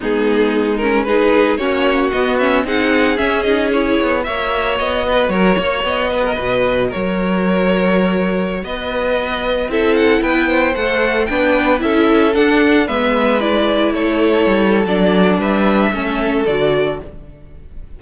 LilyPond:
<<
  \new Staff \with { instrumentName = "violin" } { \time 4/4 \tempo 4 = 113 gis'4. ais'8 b'4 cis''4 | dis''8 e''8 fis''4 e''8 dis''8 cis''4 | e''4 dis''4 cis''4 dis''4~ | dis''4 cis''2.~ |
cis''16 dis''2 e''8 fis''8 g''8.~ | g''16 fis''4 g''4 e''4 fis''8.~ | fis''16 e''4 d''4 cis''4.~ cis''16 | d''4 e''2 d''4 | }
  \new Staff \with { instrumentName = "violin" } { \time 4/4 dis'2 gis'4 fis'4~ | fis'4 gis'2. | cis''4. b'8 ais'8 cis''4 b'16 ais'16 | b'4 ais'2.~ |
ais'16 b'2 a'4 b'8 c''16~ | c''4~ c''16 b'4 a'4.~ a'16~ | a'16 b'2 a'4.~ a'16~ | a'4 b'4 a'2 | }
  \new Staff \with { instrumentName = "viola" } { \time 4/4 b4. cis'8 dis'4 cis'4 | b8 cis'8 dis'4 cis'8 dis'8 e'4 | fis'1~ | fis'1~ |
fis'2~ fis'16 e'4.~ e'16~ | e'16 a'4 d'4 e'4 d'8.~ | d'16 b4 e'2~ e'8. | d'2 cis'4 fis'4 | }
  \new Staff \with { instrumentName = "cello" } { \time 4/4 gis2. ais4 | b4 c'4 cis'4. b8 | ais4 b4 fis8 ais8 b4 | b,4 fis2.~ |
fis16 b2 c'4 b8.~ | b16 a4 b4 cis'4 d'8.~ | d'16 gis2 a4 g8. | fis4 g4 a4 d4 | }
>>